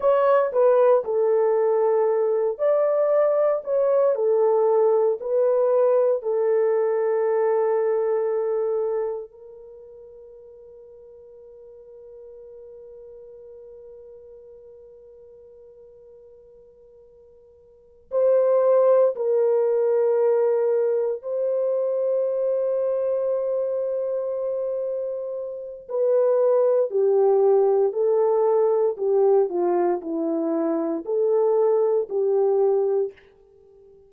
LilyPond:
\new Staff \with { instrumentName = "horn" } { \time 4/4 \tempo 4 = 58 cis''8 b'8 a'4. d''4 cis''8 | a'4 b'4 a'2~ | a'4 ais'2.~ | ais'1~ |
ais'4. c''4 ais'4.~ | ais'8 c''2.~ c''8~ | c''4 b'4 g'4 a'4 | g'8 f'8 e'4 a'4 g'4 | }